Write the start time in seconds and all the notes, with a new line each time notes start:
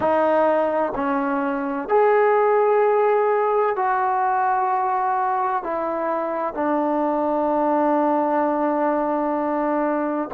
0.00 D#4
0.95 C#4
1.88 G#4
3.75 F#4
5.63 E4
6.54 D4